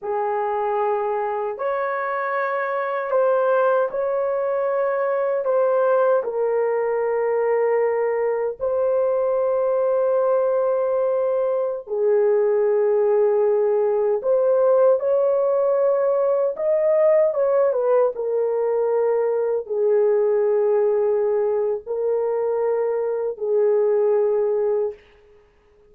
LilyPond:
\new Staff \with { instrumentName = "horn" } { \time 4/4 \tempo 4 = 77 gis'2 cis''2 | c''4 cis''2 c''4 | ais'2. c''4~ | c''2.~ c''16 gis'8.~ |
gis'2~ gis'16 c''4 cis''8.~ | cis''4~ cis''16 dis''4 cis''8 b'8 ais'8.~ | ais'4~ ais'16 gis'2~ gis'8. | ais'2 gis'2 | }